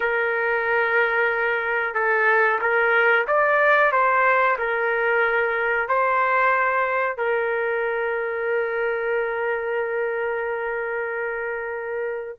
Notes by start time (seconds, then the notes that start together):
0.00 A#4
1.94 A4
2.61 A#4
3.27 D5
3.92 C5
4.58 A#4
5.88 C5
7.17 A#4